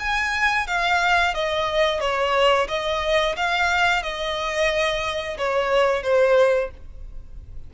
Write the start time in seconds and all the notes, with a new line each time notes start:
0.00 G#5
0.67 F5
1.35 D#5
2.01 C#5
2.69 D#5
3.37 F5
4.03 D#5
5.38 C#5
6.04 C5